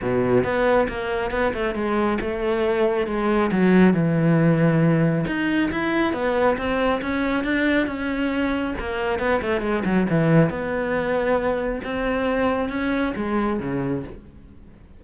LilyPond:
\new Staff \with { instrumentName = "cello" } { \time 4/4 \tempo 4 = 137 b,4 b4 ais4 b8 a8 | gis4 a2 gis4 | fis4 e2. | dis'4 e'4 b4 c'4 |
cis'4 d'4 cis'2 | ais4 b8 a8 gis8 fis8 e4 | b2. c'4~ | c'4 cis'4 gis4 cis4 | }